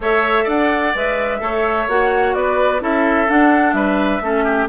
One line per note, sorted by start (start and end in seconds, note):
0.00 0.45 A3
0.00 0.95 A4
0.00 0.44 C#5
0.00 0.48 E5
0.44 0.93 D4
0.44 1.37 D5
0.44 0.95 F#5
0.94 1.40 G#3
0.94 1.39 B4
0.94 1.89 E5
1.39 1.87 A3
1.39 1.86 A4
1.39 2.36 C#5
1.87 2.34 A#3
1.87 2.80 F#4
1.87 2.34 F#5
2.34 2.81 B3
2.34 2.81 B4
2.34 2.81 D5
2.80 3.28 C#4
2.80 3.27 E4
2.80 3.75 A4
2.80 3.29 E5
3.27 4.21 D4
3.27 3.73 D4
3.27 3.72 F#5
3.72 4.20 G3
3.72 4.22 B4
3.72 4.66 E5
4.21 4.68 A3
4.21 4.68 C#4
4.21 4.44 A4
4.44 4.67 G4